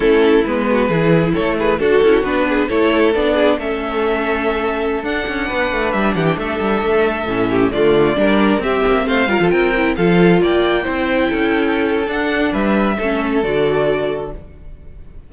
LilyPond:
<<
  \new Staff \with { instrumentName = "violin" } { \time 4/4 \tempo 4 = 134 a'4 b'2 cis''8 b'8 | a'4 b'4 cis''4 d''4 | e''2.~ e''16 fis''8.~ | fis''4~ fis''16 e''8 fis''16 g''16 e''4.~ e''16~ |
e''4~ e''16 d''2 e''8.~ | e''16 f''4 g''4 f''4 g''8.~ | g''2. fis''4 | e''2 d''2 | }
  \new Staff \with { instrumentName = "violin" } { \time 4/4 e'4. fis'8 gis'4 a'8 gis'8 | fis'4. gis'8 a'4. gis'8 | a'1~ | a'16 b'4. g'8 a'4.~ a'16~ |
a'8. g'8 f'4 ais'4 g'8.~ | g'16 c''8 ais'16 a'16 ais'4 a'4 d''8.~ | d''16 c''4 a'2~ a'8. | b'4 a'2. | }
  \new Staff \with { instrumentName = "viola" } { \time 4/4 cis'4 b4 e'2 | fis'8 e'8 d'4 e'4 d'4 | cis'2.~ cis'16 d'8.~ | d'1~ |
d'16 cis'4 a4 d'4 c'8.~ | c'8. f'4 e'8 f'4.~ f'16~ | f'16 e'2~ e'8. d'4~ | d'4 cis'4 fis'2 | }
  \new Staff \with { instrumentName = "cello" } { \time 4/4 a4 gis4 e4 a4 | d'8 cis'8 b4 a4 b4 | a2.~ a16 d'8 cis'16~ | cis'16 b8 a8 g8 e8 a8 g8 a8.~ |
a16 a,4 d4 g4 c'8 ais16~ | ais16 a8 g16 f16 c'4 f4 ais8.~ | ais16 c'4 cis'4.~ cis'16 d'4 | g4 a4 d2 | }
>>